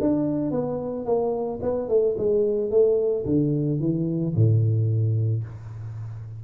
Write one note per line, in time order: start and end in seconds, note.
0.00 0.51 D4
0.51 1.05 B3
1.05 1.60 A#3
1.62 1.88 B3
1.88 2.15 A3
2.17 2.70 G#3
2.70 3.25 A3
3.25 3.80 D3
3.80 4.34 E3
4.35 5.44 A2